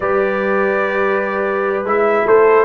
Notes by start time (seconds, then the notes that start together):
0.00 G3 G4 B4 D5
1.83 G#3 E4 E5
2.25 A3 A4 C5